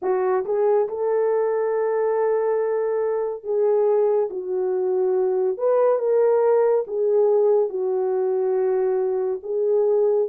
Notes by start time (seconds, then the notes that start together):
0.02 F#4
0.45 G#4
0.88 A4
3.43 G#4
4.29 F#4
5.57 B4
5.98 A#4
6.87 G#4
7.69 F#4
9.42 G#4